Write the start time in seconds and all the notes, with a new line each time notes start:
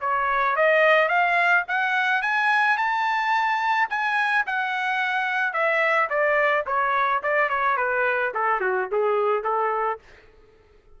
0.00 C#5
0.56 D#5
1.08 F5
1.68 F#5
2.22 G#5
2.77 A5
3.89 G#5
4.46 F#5
5.53 E5
6.09 D5
6.66 C#5
7.22 D5
7.49 C#5
7.77 B4
8.34 A4
8.60 F#4
8.91 G#4
9.43 A4